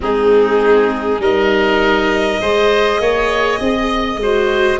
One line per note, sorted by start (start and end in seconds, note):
0.00 1.19 G#3
0.00 1.19 C4
0.00 1.21 D#4
0.00 1.22 G#4
1.19 2.39 G3
1.19 2.40 D#4
1.19 2.41 A#4
1.19 4.79 D#5
2.40 2.99 G#3
2.40 4.21 G#4
2.40 3.00 C5
2.99 3.59 A#3
2.99 3.59 C#5
3.59 4.16 C4
3.59 4.19 D#5
4.16 4.76 G#3
4.16 4.79 F#4
4.16 4.79 C5